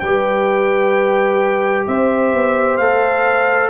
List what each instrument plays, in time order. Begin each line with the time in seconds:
0.00 tuba G3, trombone G4, horn B4, trumpet G5
1.87 tuba C4, horn C5, trumpet E5
2.34 tuba B3
2.78 tuba A3, trombone A4, trumpet F5